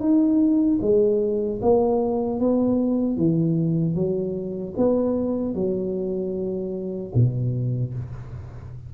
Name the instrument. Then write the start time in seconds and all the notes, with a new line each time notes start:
tuba
0.00 D#4
0.81 G#3
1.62 A#3
2.40 B3
3.17 E3
3.95 F#3
4.77 B3
5.54 F#3
7.15 B2